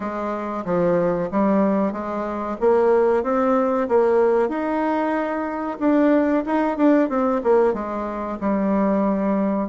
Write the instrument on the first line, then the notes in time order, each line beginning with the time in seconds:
bassoon
0.00 G#3
0.65 F3
1.31 G3
1.92 G#3
2.60 A#3
3.23 C4
3.88 A#3
4.48 D#4
5.79 D4
6.45 D#4
6.77 D4
7.09 C4
7.43 A#3
7.73 G#3
8.40 G3